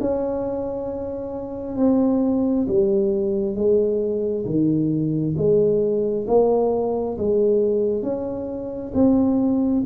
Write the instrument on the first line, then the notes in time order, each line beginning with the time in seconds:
tuba
0.00 C#4
1.77 C4
2.68 G3
3.55 G#3
4.45 D#3
5.37 G#3
6.27 A#3
7.18 G#3
8.03 C#4
8.94 C4